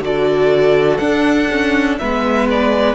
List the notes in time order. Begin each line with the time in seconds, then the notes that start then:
0.00 D3 F#4 A4 D5
0.97 D4 F#5
1.50 C#4
1.98 G#3 B3 B4 E5
2.50 D5